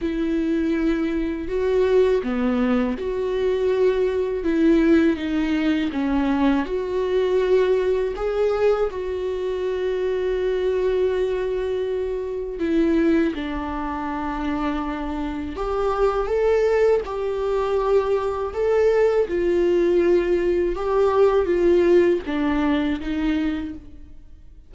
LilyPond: \new Staff \with { instrumentName = "viola" } { \time 4/4 \tempo 4 = 81 e'2 fis'4 b4 | fis'2 e'4 dis'4 | cis'4 fis'2 gis'4 | fis'1~ |
fis'4 e'4 d'2~ | d'4 g'4 a'4 g'4~ | g'4 a'4 f'2 | g'4 f'4 d'4 dis'4 | }